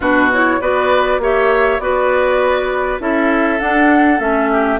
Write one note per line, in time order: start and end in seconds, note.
0.00 0.59 B2
0.00 0.31 D4
0.00 0.60 F#4
0.00 0.31 B4
0.32 0.60 E4
0.32 0.61 C#5
0.60 1.18 B3
0.60 1.20 F#4
0.60 1.21 B4
0.60 1.21 D5
1.18 1.78 A#3
1.18 1.80 G4
1.18 1.82 C#5
1.18 1.79 E5
1.79 2.99 B3
1.79 2.99 F#4
1.79 3.01 B4
1.79 2.99 D5
2.99 3.59 C#4
2.99 3.59 E4
2.99 4.51 A4
2.99 3.59 E5
3.59 4.19 D4
3.59 4.19 F#5
4.19 4.79 A3
4.19 4.79 C#4
4.19 4.79 E5
4.51 4.79 G4